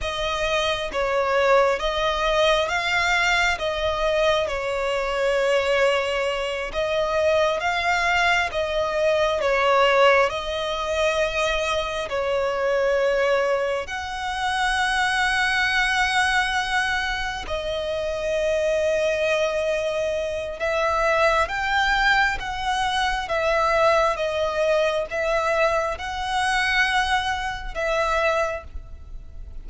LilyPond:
\new Staff \with { instrumentName = "violin" } { \time 4/4 \tempo 4 = 67 dis''4 cis''4 dis''4 f''4 | dis''4 cis''2~ cis''8 dis''8~ | dis''8 f''4 dis''4 cis''4 dis''8~ | dis''4. cis''2 fis''8~ |
fis''2.~ fis''8 dis''8~ | dis''2. e''4 | g''4 fis''4 e''4 dis''4 | e''4 fis''2 e''4 | }